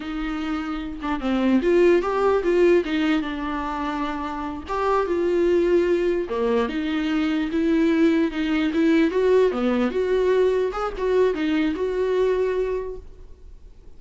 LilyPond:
\new Staff \with { instrumentName = "viola" } { \time 4/4 \tempo 4 = 148 dis'2~ dis'8 d'8 c'4 | f'4 g'4 f'4 dis'4 | d'2.~ d'8 g'8~ | g'8 f'2. ais8~ |
ais8 dis'2 e'4.~ | e'8 dis'4 e'4 fis'4 b8~ | b8 fis'2 gis'8 fis'4 | dis'4 fis'2. | }